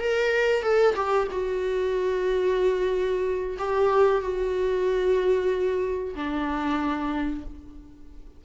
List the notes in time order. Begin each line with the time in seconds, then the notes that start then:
0.00 A#4
0.62 A4
0.95 G4
1.31 F#4
3.58 G4
4.21 F#4
6.15 D4